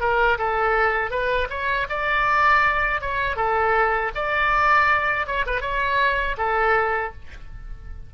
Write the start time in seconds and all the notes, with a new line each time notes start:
0.00 A#4
0.38 A4
1.10 B4
1.49 C#5
1.89 D5
3.01 C#5
3.36 A4
4.15 D5
5.26 C#5
5.46 B4
5.61 C#5
6.37 A4